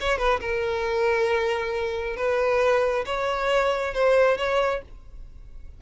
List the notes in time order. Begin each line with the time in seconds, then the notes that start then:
0.00 C#5
0.17 B4
0.40 A#4
2.16 B4
3.05 C#5
3.94 C5
4.37 C#5